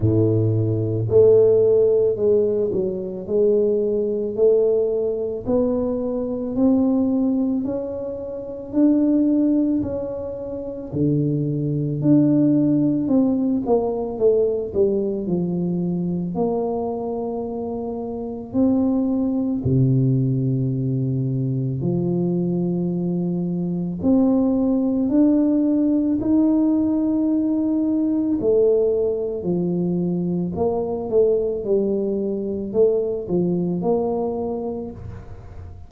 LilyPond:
\new Staff \with { instrumentName = "tuba" } { \time 4/4 \tempo 4 = 55 a,4 a4 gis8 fis8 gis4 | a4 b4 c'4 cis'4 | d'4 cis'4 d4 d'4 | c'8 ais8 a8 g8 f4 ais4~ |
ais4 c'4 c2 | f2 c'4 d'4 | dis'2 a4 f4 | ais8 a8 g4 a8 f8 ais4 | }